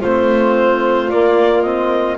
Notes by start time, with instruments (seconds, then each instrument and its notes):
0.00 double bass A3, trombone C4, violin F4, clarinet C5
1.10 double bass A#3, trombone A#3, clarinet D5
1.62 trombone C4, clarinet D#5